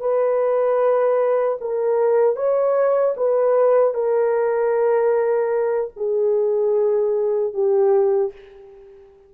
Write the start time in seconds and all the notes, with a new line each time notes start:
0.00 B4
1.61 A#4
2.36 C#5
3.17 B4
3.94 A#4
5.96 G#4
7.54 G4